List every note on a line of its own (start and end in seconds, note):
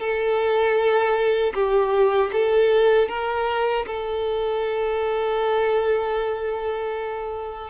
0.00 1.54 A4
1.54 2.31 G4
2.33 3.09 A4
3.09 3.86 A#4
3.87 7.71 A4